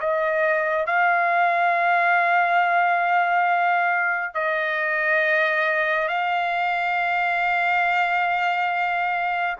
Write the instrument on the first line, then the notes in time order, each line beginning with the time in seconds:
trumpet
0.00 D#5
0.86 F5
4.34 D#5
6.08 F5